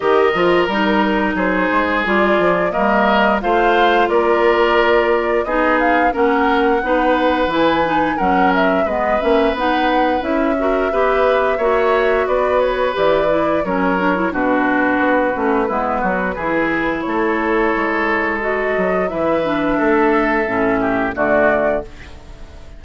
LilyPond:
<<
  \new Staff \with { instrumentName = "flute" } { \time 4/4 \tempo 4 = 88 dis''4 ais'4 c''4 d''4 | dis''4 f''4 d''2 | dis''8 f''8 fis''2 gis''4 | fis''8 e''8 dis''8 e''8 fis''4 e''4~ |
e''2 d''8 cis''8 d''4 | cis''4 b'2.~ | b'4 cis''2 dis''4 | e''2. d''4 | }
  \new Staff \with { instrumentName = "oboe" } { \time 4/4 ais'2 gis'2 | ais'4 c''4 ais'2 | gis'4 ais'4 b'2 | ais'4 b'2~ b'8 ais'8 |
b'4 cis''4 b'2 | ais'4 fis'2 e'8 fis'8 | gis'4 a'2. | b'4 a'4. g'8 fis'4 | }
  \new Staff \with { instrumentName = "clarinet" } { \time 4/4 g'8 f'8 dis'2 f'4 | ais4 f'2. | dis'4 cis'4 dis'4 e'8 dis'8 | cis'4 b8 cis'8 dis'4 e'8 fis'8 |
g'4 fis'2 g'8 e'8 | cis'8 d'16 e'16 d'4. cis'8 b4 | e'2. fis'4 | e'8 d'4. cis'4 a4 | }
  \new Staff \with { instrumentName = "bassoon" } { \time 4/4 dis8 f8 g4 fis8 gis8 g8 f8 | g4 a4 ais2 | b4 ais4 b4 e4 | fis4 gis8 ais8 b4 cis'4 |
b4 ais4 b4 e4 | fis4 b,4 b8 a8 gis8 fis8 | e4 a4 gis4. fis8 | e4 a4 a,4 d4 | }
>>